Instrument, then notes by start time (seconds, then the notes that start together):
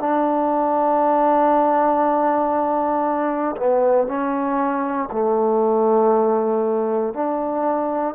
trombone
0.00 D4
3.56 B3
4.07 C#4
5.12 A3
7.14 D4